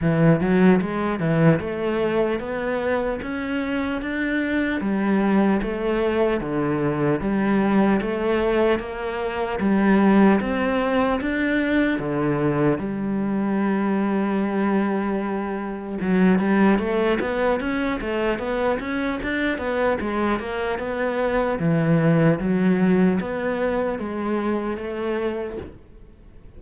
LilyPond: \new Staff \with { instrumentName = "cello" } { \time 4/4 \tempo 4 = 75 e8 fis8 gis8 e8 a4 b4 | cis'4 d'4 g4 a4 | d4 g4 a4 ais4 | g4 c'4 d'4 d4 |
g1 | fis8 g8 a8 b8 cis'8 a8 b8 cis'8 | d'8 b8 gis8 ais8 b4 e4 | fis4 b4 gis4 a4 | }